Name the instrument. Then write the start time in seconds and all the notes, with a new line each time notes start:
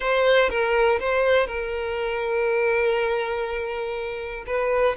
violin
0.00 C5
0.49 A#4
0.99 C5
1.47 A#4
4.46 B4